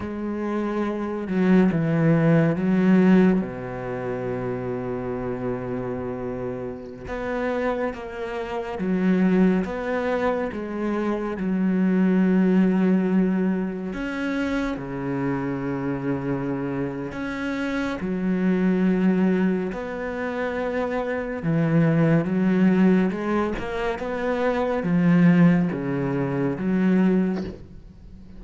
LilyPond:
\new Staff \with { instrumentName = "cello" } { \time 4/4 \tempo 4 = 70 gis4. fis8 e4 fis4 | b,1~ | b,16 b4 ais4 fis4 b8.~ | b16 gis4 fis2~ fis8.~ |
fis16 cis'4 cis2~ cis8. | cis'4 fis2 b4~ | b4 e4 fis4 gis8 ais8 | b4 f4 cis4 fis4 | }